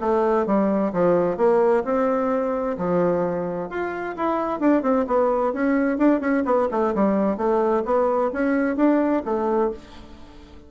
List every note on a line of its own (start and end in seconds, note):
0.00 0.46 A3
0.46 0.93 G3
0.93 1.37 F3
1.37 1.83 A#3
1.84 2.77 C4
2.78 3.69 F3
3.69 4.16 F4
4.16 4.60 E4
4.60 4.82 D4
4.82 5.05 C4
5.07 5.53 B3
5.53 5.98 C#4
5.98 6.21 D4
6.21 6.44 C#4
6.45 6.68 B3
6.71 6.94 A3
6.95 7.37 G3
7.37 7.83 A3
7.85 8.31 B3
8.33 8.77 C#4
8.77 9.23 D4
9.25 9.71 A3